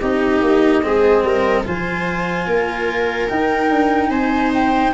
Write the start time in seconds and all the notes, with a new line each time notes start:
0.00 C4 D#4 G4 D#5
0.41 A#3
0.83 G#3 C4 G#4
1.23 G3 A#4
1.64 F3 F4 C5 G#5
2.46 A#3 A#4
3.29 D#4 G5
3.70 D4
4.09 C4 C5 G#5
4.54 G5